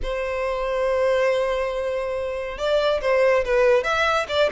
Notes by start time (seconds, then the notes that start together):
0.02 C5
2.58 D5
3.01 C5
3.44 B4
3.83 E5
4.28 D5